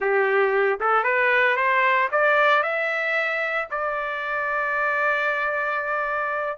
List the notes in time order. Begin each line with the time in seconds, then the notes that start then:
0.00 G4
0.80 A4
1.03 B4
1.56 C5
2.11 D5
2.62 E5
3.71 D5